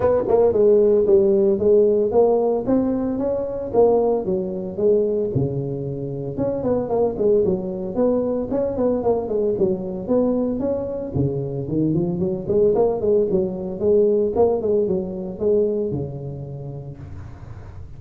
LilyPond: \new Staff \with { instrumentName = "tuba" } { \time 4/4 \tempo 4 = 113 b8 ais8 gis4 g4 gis4 | ais4 c'4 cis'4 ais4 | fis4 gis4 cis2 | cis'8 b8 ais8 gis8 fis4 b4 |
cis'8 b8 ais8 gis8 fis4 b4 | cis'4 cis4 dis8 f8 fis8 gis8 | ais8 gis8 fis4 gis4 ais8 gis8 | fis4 gis4 cis2 | }